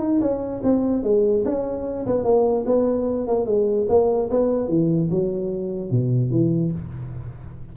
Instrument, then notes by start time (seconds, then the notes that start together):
tuba
0.00 D#4
0.21 C#4
0.64 C4
1.04 G#3
1.45 C#4
2.07 B3
2.24 A#3
2.67 B3
3.28 A#3
3.46 G#3
3.89 A#3
4.30 B3
4.69 E3
5.11 F#3
5.91 B2
6.31 E3